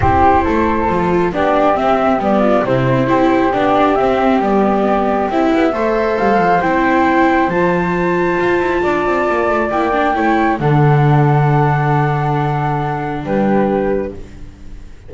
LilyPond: <<
  \new Staff \with { instrumentName = "flute" } { \time 4/4 \tempo 4 = 136 c''2. d''4 | e''4 d''4 c''2 | d''4 e''4 d''2 | e''2 f''4 g''4~ |
g''4 a''2.~ | a''2 g''2 | fis''1~ | fis''2 b'2 | }
  \new Staff \with { instrumentName = "flute" } { \time 4/4 g'4 a'2 g'4~ | g'4. f'8 e'4 g'4~ | g'1~ | g'4 c''2.~ |
c''1 | d''2. cis''4 | a'1~ | a'2 g'2 | }
  \new Staff \with { instrumentName = "viola" } { \time 4/4 e'2 f'4 d'4 | c'4 b4 c'4 e'4 | d'4 c'4 b2 | e'4 a'2 e'4~ |
e'4 f'2.~ | f'2 e'8 d'8 e'4 | d'1~ | d'1 | }
  \new Staff \with { instrumentName = "double bass" } { \time 4/4 c'4 a4 f4 b4 | c'4 g4 c4 c'4 | b4 c'4 g2 | c'8 b8 a4 g8 f8 c'4~ |
c'4 f2 f'8 e'8 | d'8 c'8 ais8 a8 ais4 a4 | d1~ | d2 g2 | }
>>